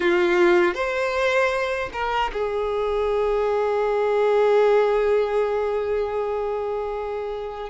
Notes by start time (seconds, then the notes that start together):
0.00 F4
0.74 C5
1.92 A#4
2.33 G#4